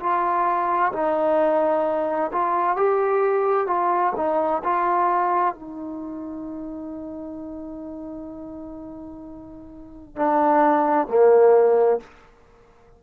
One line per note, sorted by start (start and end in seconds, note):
0.00 0.92 F4
0.93 2.31 D#4
2.32 2.77 F4
2.77 3.67 G4
3.67 4.13 F4
4.17 4.63 D#4
4.64 5.54 F4
5.54 10.16 D#4
10.16 11.08 D4
11.08 12.00 A#3